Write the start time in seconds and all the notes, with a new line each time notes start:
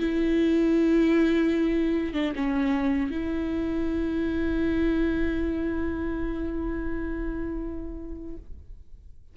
0.00 E4
2.14 D4
2.36 C#4
3.11 E4